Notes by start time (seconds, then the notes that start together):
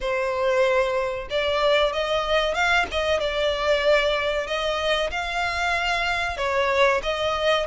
0.00 C5
1.30 D5
1.92 D#5
2.54 F5
2.91 D#5
3.20 D5
4.46 D#5
5.11 F5
6.37 C#5
7.02 D#5